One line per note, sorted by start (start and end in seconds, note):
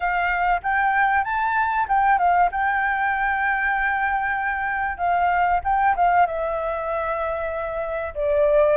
0.00 0.61 F5
0.62 1.24 G5
1.24 1.86 A5
1.88 2.18 G5
2.18 2.49 F5
2.51 4.97 G5
4.97 5.60 F5
5.64 5.95 G5
5.96 6.26 F5
6.26 8.14 E5
8.14 8.76 D5